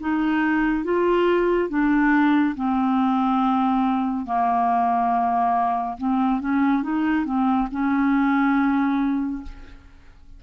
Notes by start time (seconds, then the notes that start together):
0.00 D#4
0.84 F4
1.69 D4
2.56 C4
4.26 A#3
5.98 C4
6.41 C#4
6.83 D#4
7.25 C4
7.71 C#4